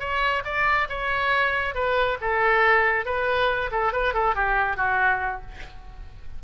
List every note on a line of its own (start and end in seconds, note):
0.00 0.43 C#5
0.45 0.88 D5
0.89 1.75 C#5
1.75 2.18 B4
2.21 3.05 A4
3.05 3.70 B4
3.71 3.93 A4
3.93 4.14 B4
4.14 4.35 A4
4.35 4.77 G4
4.77 5.42 F#4